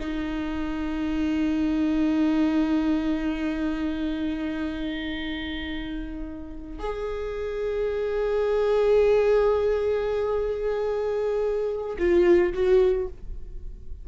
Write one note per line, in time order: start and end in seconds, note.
0.00 6.79 D#4
6.79 11.97 G#4
11.98 12.53 F4
12.54 13.08 F#4